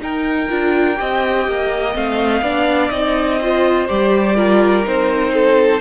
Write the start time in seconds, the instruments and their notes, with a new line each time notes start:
0.00 viola D#4, cello D#4, violin A#4 G5
0.49 cello D4, viola F4
0.95 cello C4, viola G4, violin D#5
1.47 cello A#3
1.94 cello A3, viola C4, violin F5
2.41 cello B3, viola D4, violin D5
2.89 cello C4, viola D#4, violin D#5
3.41 viola F4, violin C5
3.87 cello G3, viola G4, violin D5
4.35 viola F4, violin A#4
4.83 cello C4, viola D#4, violin C5
5.33 violin A4